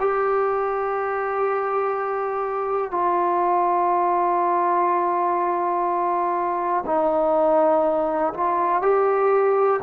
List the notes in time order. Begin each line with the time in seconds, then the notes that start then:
0.00 G4
2.91 F4
6.86 D#4
8.34 F4
8.82 G4